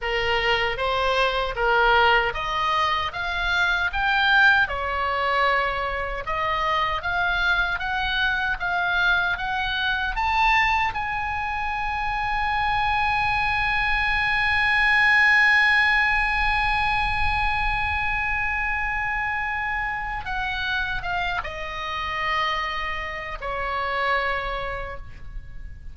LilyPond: \new Staff \with { instrumentName = "oboe" } { \time 4/4 \tempo 4 = 77 ais'4 c''4 ais'4 dis''4 | f''4 g''4 cis''2 | dis''4 f''4 fis''4 f''4 | fis''4 a''4 gis''2~ |
gis''1~ | gis''1~ | gis''2 fis''4 f''8 dis''8~ | dis''2 cis''2 | }